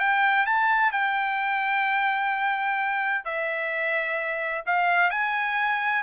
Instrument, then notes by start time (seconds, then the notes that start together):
trumpet
0.00 G5
0.47 A5
0.93 G5
3.25 E5
4.66 F5
5.11 G#5